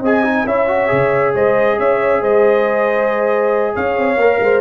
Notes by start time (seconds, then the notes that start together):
0.00 C4 G#4 D#5 G#5
0.24 D#4
0.45 C#4 E4 C#5 E5
0.67 F#4
0.87 C#3 G#4
1.34 G#3 C5 D#5
1.79 C#4 C#5 E5
2.21 G#3 C5 D#5
3.75 C#4 C#5 F5
3.97 C4
4.16 A#3 A#4
4.40 G#3 C5